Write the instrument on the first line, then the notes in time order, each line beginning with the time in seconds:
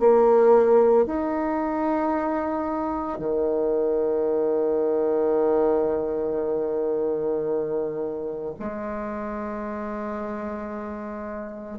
bassoon
0.00 A#3
1.06 D#4
3.19 D#3
8.60 G#3